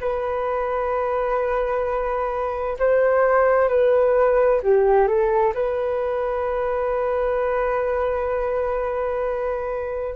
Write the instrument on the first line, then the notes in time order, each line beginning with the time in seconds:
flute
0.00 B4
2.79 C5
3.68 B4
4.63 G4
5.07 A4
5.54 B4